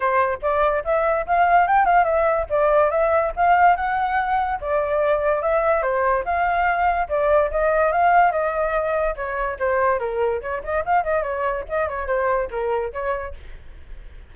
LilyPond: \new Staff \with { instrumentName = "flute" } { \time 4/4 \tempo 4 = 144 c''4 d''4 e''4 f''4 | g''8 f''8 e''4 d''4 e''4 | f''4 fis''2 d''4~ | d''4 e''4 c''4 f''4~ |
f''4 d''4 dis''4 f''4 | dis''2 cis''4 c''4 | ais'4 cis''8 dis''8 f''8 dis''8 cis''4 | dis''8 cis''8 c''4 ais'4 cis''4 | }